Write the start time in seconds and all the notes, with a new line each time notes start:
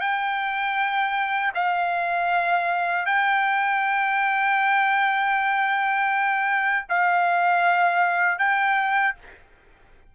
0.00 G5
1.54 F5
3.06 G5
6.89 F5
8.38 G5